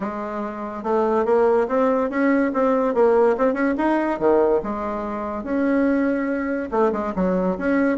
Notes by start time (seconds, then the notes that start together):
0.00 G#3
0.83 A3
1.25 A#3
1.68 C4
2.09 C#4
2.53 C4
2.94 A#3
3.37 C4
3.53 C#4
3.77 D#4
4.19 D#3
4.63 G#3
5.43 C#4
6.71 A3
6.92 G#3
7.15 F#3
7.58 C#4